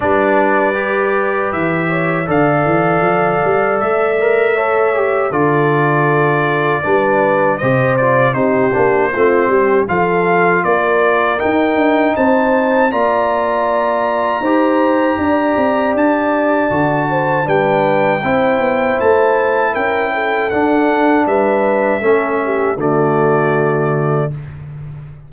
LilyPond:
<<
  \new Staff \with { instrumentName = "trumpet" } { \time 4/4 \tempo 4 = 79 d''2 e''4 f''4~ | f''4 e''2 d''4~ | d''2 dis''8 d''8 c''4~ | c''4 f''4 d''4 g''4 |
a''4 ais''2.~ | ais''4 a''2 g''4~ | g''4 a''4 g''4 fis''4 | e''2 d''2 | }
  \new Staff \with { instrumentName = "horn" } { \time 4/4 b'2~ b'8 cis''8 d''4~ | d''2 cis''4 a'4~ | a'4 b'4 c''4 g'4 | f'8 g'8 a'4 ais'2 |
c''4 d''2 c''4 | d''2~ d''8 c''8 b'4 | c''2 ais'8 a'4. | b'4 a'8 g'8 fis'2 | }
  \new Staff \with { instrumentName = "trombone" } { \time 4/4 d'4 g'2 a'4~ | a'4. ais'8 a'8 g'8 f'4~ | f'4 d'4 g'8 f'8 dis'8 d'8 | c'4 f'2 dis'4~ |
dis'4 f'2 g'4~ | g'2 fis'4 d'4 | e'2. d'4~ | d'4 cis'4 a2 | }
  \new Staff \with { instrumentName = "tuba" } { \time 4/4 g2 e4 d8 e8 | f8 g8 a2 d4~ | d4 g4 c4 c'8 ais8 | a8 g8 f4 ais4 dis'8 d'8 |
c'4 ais2 dis'4 | d'8 c'8 d'4 d4 g4 | c'8 b8 a4 cis'4 d'4 | g4 a4 d2 | }
>>